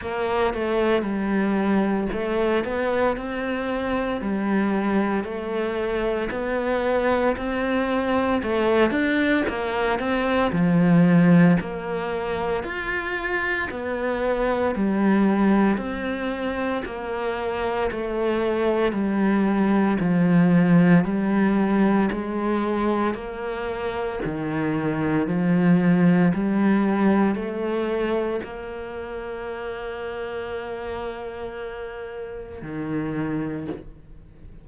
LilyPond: \new Staff \with { instrumentName = "cello" } { \time 4/4 \tempo 4 = 57 ais8 a8 g4 a8 b8 c'4 | g4 a4 b4 c'4 | a8 d'8 ais8 c'8 f4 ais4 | f'4 b4 g4 c'4 |
ais4 a4 g4 f4 | g4 gis4 ais4 dis4 | f4 g4 a4 ais4~ | ais2. dis4 | }